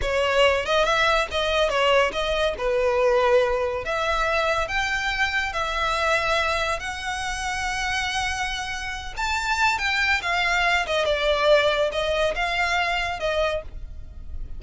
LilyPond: \new Staff \with { instrumentName = "violin" } { \time 4/4 \tempo 4 = 141 cis''4. dis''8 e''4 dis''4 | cis''4 dis''4 b'2~ | b'4 e''2 g''4~ | g''4 e''2. |
fis''1~ | fis''4. a''4. g''4 | f''4. dis''8 d''2 | dis''4 f''2 dis''4 | }